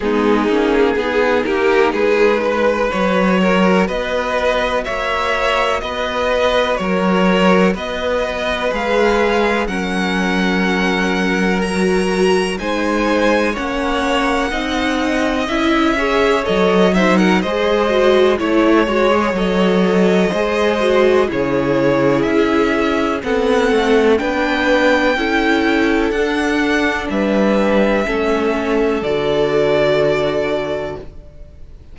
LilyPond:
<<
  \new Staff \with { instrumentName = "violin" } { \time 4/4 \tempo 4 = 62 gis'4. ais'8 b'4 cis''4 | dis''4 e''4 dis''4 cis''4 | dis''4 f''4 fis''2 | ais''4 gis''4 fis''2 |
e''4 dis''8 e''16 fis''16 dis''4 cis''4 | dis''2 cis''4 e''4 | fis''4 g''2 fis''4 | e''2 d''2 | }
  \new Staff \with { instrumentName = "violin" } { \time 4/4 dis'4 gis'8 g'8 gis'8 b'4 ais'8 | b'4 cis''4 b'4 ais'4 | b'2 ais'2~ | ais'4 c''4 cis''4 dis''4~ |
dis''8 cis''4 c''16 ais'16 c''4 cis''4~ | cis''4 c''4 gis'2 | a'4 b'4 a'2 | b'4 a'2. | }
  \new Staff \with { instrumentName = "viola" } { \time 4/4 b8 cis'8 dis'2 fis'4~ | fis'1~ | fis'4 gis'4 cis'2 | fis'4 dis'4 cis'4 dis'4 |
e'8 gis'8 a'8 dis'8 gis'8 fis'8 e'8 fis'16 gis'16 | a'4 gis'8 fis'8 e'2 | c'4 d'4 e'4 d'4~ | d'4 cis'4 fis'2 | }
  \new Staff \with { instrumentName = "cello" } { \time 4/4 gis8 ais8 b8 ais8 gis4 fis4 | b4 ais4 b4 fis4 | b4 gis4 fis2~ | fis4 gis4 ais4 c'4 |
cis'4 fis4 gis4 a8 gis8 | fis4 gis4 cis4 cis'4 | b8 a8 b4 cis'4 d'4 | g4 a4 d2 | }
>>